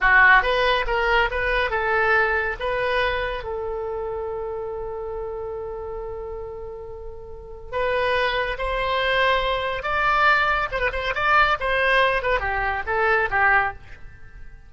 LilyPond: \new Staff \with { instrumentName = "oboe" } { \time 4/4 \tempo 4 = 140 fis'4 b'4 ais'4 b'4 | a'2 b'2 | a'1~ | a'1~ |
a'2 b'2 | c''2. d''4~ | d''4 c''16 b'16 c''8 d''4 c''4~ | c''8 b'8 g'4 a'4 g'4 | }